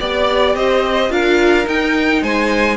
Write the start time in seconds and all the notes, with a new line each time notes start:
0.00 B3 G4 D5
0.56 C4 C5 D#5
1.10 D4 F4 A#4 F5
1.65 D#4 G5
2.22 G#3 C5 G#5